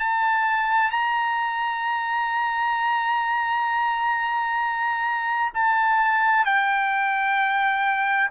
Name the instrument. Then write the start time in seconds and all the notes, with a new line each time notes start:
trumpet
0.00 A5
0.91 A#5
5.54 A5
6.46 G5